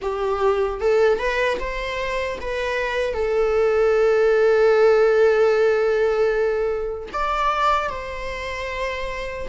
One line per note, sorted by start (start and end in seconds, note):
0.01 0.80 G4
0.80 1.18 A4
1.18 1.58 B4
1.59 2.38 C5
2.40 3.13 B4
3.13 7.08 A4
7.12 7.89 D5
7.89 9.47 C5